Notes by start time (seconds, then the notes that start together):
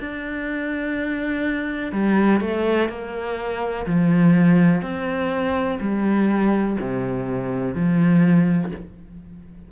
0.00 D4
1.93 G3
2.41 A3
2.89 A#3
3.87 F3
4.82 C4
5.80 G3
6.80 C3
7.75 F3